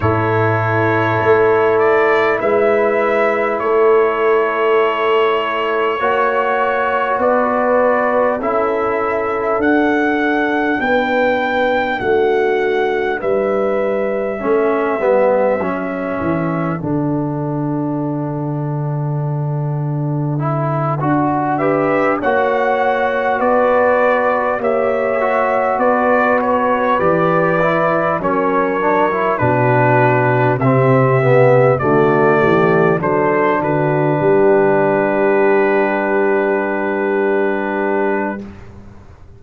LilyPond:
<<
  \new Staff \with { instrumentName = "trumpet" } { \time 4/4 \tempo 4 = 50 cis''4. d''8 e''4 cis''4~ | cis''2 d''4 e''4 | fis''4 g''4 fis''4 e''4~ | e''2 fis''2~ |
fis''2 e''8 fis''4 d''8~ | d''8 e''4 d''8 cis''8 d''4 cis''8~ | cis''8 b'4 e''4 d''4 c''8 | b'1 | }
  \new Staff \with { instrumentName = "horn" } { \time 4/4 a'2 b'4 a'4~ | a'4 cis''4 b'4 a'4~ | a'4 b'4 fis'4 b'4 | a'1~ |
a'2 b'8 cis''4 b'8~ | b'8 cis''4 b'2 ais'8~ | ais'8 fis'4 g'4 fis'8 g'8 a'8 | fis'8 g'2.~ g'8 | }
  \new Staff \with { instrumentName = "trombone" } { \time 4/4 e'1~ | e'4 fis'2 e'4 | d'1 | cis'8 b8 cis'4 d'2~ |
d'4 e'8 fis'8 g'8 fis'4.~ | fis'8 g'8 fis'4. g'8 e'8 cis'8 | d'16 e'16 d'4 c'8 b8 a4 d'8~ | d'1 | }
  \new Staff \with { instrumentName = "tuba" } { \time 4/4 a,4 a4 gis4 a4~ | a4 ais4 b4 cis'4 | d'4 b4 a4 g4 | a8 g8 fis8 e8 d2~ |
d4. d'4 ais4 b8~ | b8 ais4 b4 e4 fis8~ | fis8 b,4 c4 d8 e8 fis8 | d8 g2.~ g8 | }
>>